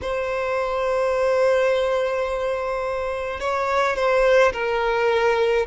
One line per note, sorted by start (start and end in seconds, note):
0.01 3.40 C5
3.40 3.96 C#5
3.96 4.52 C5
4.53 5.66 A#4